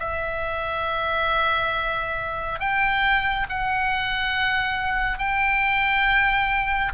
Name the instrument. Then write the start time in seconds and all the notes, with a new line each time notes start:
oboe
0.00 E5
2.60 G5
3.50 F#5
5.19 G5